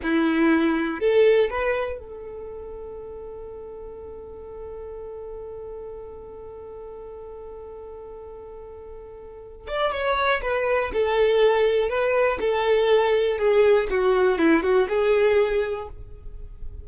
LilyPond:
\new Staff \with { instrumentName = "violin" } { \time 4/4 \tempo 4 = 121 e'2 a'4 b'4 | a'1~ | a'1~ | a'1~ |
a'2.~ a'8 d''8 | cis''4 b'4 a'2 | b'4 a'2 gis'4 | fis'4 e'8 fis'8 gis'2 | }